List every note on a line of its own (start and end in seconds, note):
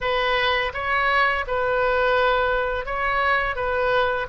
0.01 0.72 B4
0.73 1.45 C#5
1.47 2.85 B4
2.85 3.55 C#5
3.55 4.27 B4